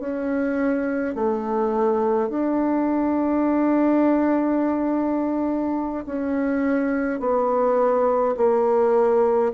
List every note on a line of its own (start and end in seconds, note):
0.00 1.15 C#4
1.15 2.29 A3
2.29 6.04 D4
6.06 7.20 C#4
7.20 8.35 B3
8.37 9.52 A#3